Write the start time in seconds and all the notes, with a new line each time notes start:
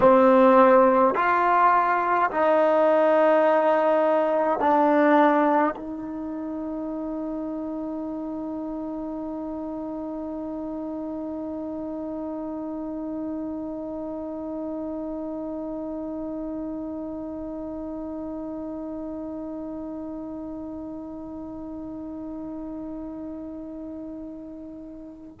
0.00 C4
1.14 F4
2.31 D#4
4.58 D4
5.76 D#4